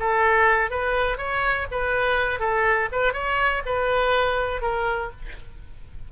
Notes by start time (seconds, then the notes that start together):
0.00 A4
0.71 B4
1.18 C#5
1.71 B4
2.40 A4
2.92 B4
3.13 C#5
3.66 B4
4.62 A#4